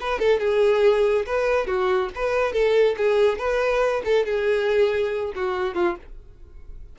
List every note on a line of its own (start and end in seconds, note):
0.00 0.19 B4
0.19 0.39 A4
0.39 1.25 G#4
1.26 1.67 B4
1.67 2.09 F#4
2.15 2.52 B4
2.52 2.95 A4
2.97 3.38 G#4
3.38 4.02 B4
4.04 4.25 A4
4.25 5.33 G#4
5.35 5.74 F#4
5.74 5.96 F4